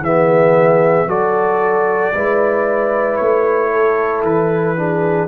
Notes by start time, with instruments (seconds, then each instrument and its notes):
0.00 tuba E3, trombone B3, horn G#4, trumpet E5
1.07 tuba F#3, trombone F#4, horn A4, trumpet D5
2.14 tuba G#3, trombone E4, horn B4
3.17 tuba A3, trumpet C#5
3.72 horn A4
4.23 tuba E3, trumpet B4
4.77 trombone D4, horn G#4